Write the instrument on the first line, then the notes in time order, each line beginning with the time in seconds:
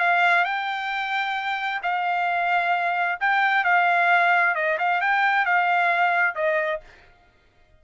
trumpet
0.00 F5
0.45 G5
1.83 F5
3.20 G5
3.65 F5
4.56 D#5
4.79 F5
5.01 G5
5.46 F5
6.36 D#5